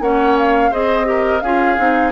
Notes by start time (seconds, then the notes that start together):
0.00 A#3 C#4 C#5 F#5
0.38 F5
0.71 C4 G#4 C5 D#5
1.05 G4 A#4
1.41 C#4 F4 G#4 F5
1.78 C4 D#4